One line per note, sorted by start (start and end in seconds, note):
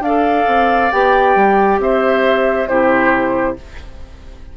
0.00 0.44 D4
0.00 0.92 A4
0.00 1.81 D5
0.00 0.91 F5
0.47 0.91 C4
0.91 1.35 B3
0.91 2.68 G4
0.91 1.79 G5
1.35 1.79 G3
1.79 2.67 C4
1.79 2.69 C5
1.79 2.67 E5
2.67 3.56 C3
2.67 3.56 E4
2.67 3.57 G4
2.67 3.55 C5